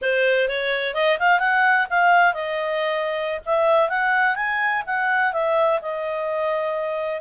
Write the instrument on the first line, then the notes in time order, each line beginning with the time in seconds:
clarinet
0.01 C5
0.48 C#5
0.94 D#5
1.19 F5
1.39 F#5
1.90 F5
2.33 D#5
3.45 E5
3.89 F#5
4.35 G#5
4.86 F#5
5.32 E5
5.81 D#5